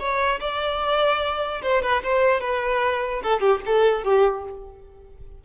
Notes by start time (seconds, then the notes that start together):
0.00 C#5
0.41 D5
1.63 C5
1.83 B4
2.03 C5
2.41 B4
3.24 A4
3.41 G4
3.67 A4
4.04 G4